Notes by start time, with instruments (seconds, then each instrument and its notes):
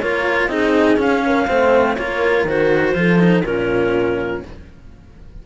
0.00 cello A#3 F4, horn A#4, clarinet C#5
0.47 cello C4 D#4, horn G#4, clarinet D#5
0.97 cello C#4, clarinet F5
1.26 horn A#4
1.47 cello A3 C4, horn C5
1.96 cello A#3 F4, horn A#4, clarinet C#5
2.44 cello D#3 F#4, clarinet C5
2.94 cello F3 F4, horn A4
3.19 cello D#4
3.42 cello A#2 C#4, horn F4, clarinet A#4